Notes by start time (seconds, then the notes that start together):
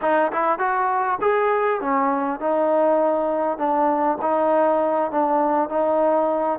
0.01 D#4
0.32 E4
0.58 F#4
1.21 G#4
1.80 C#4
2.39 D#4
3.58 D4
4.21 D#4
5.11 D4
5.69 D#4